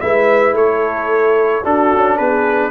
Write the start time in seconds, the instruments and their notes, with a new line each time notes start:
0.00 tuba G#3, trombone E4, horn B4, trumpet E5
0.52 tuba A3, horn A4, trumpet C#5
1.63 trombone D4, tuba D4, horn F#4, trumpet A4
1.94 tuba C#4
2.17 tuba B3, horn G#4, trumpet B4